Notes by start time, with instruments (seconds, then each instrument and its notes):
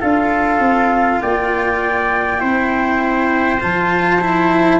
0.00 tuba D4, cello F4, trumpet A4, flute F5
0.59 tuba C4
1.21 tuba A#3, trumpet D5, flute G5
2.38 tuba C4, cello E4, trumpet C5
3.60 tuba F3, cello F4, flute A5
4.20 cello E4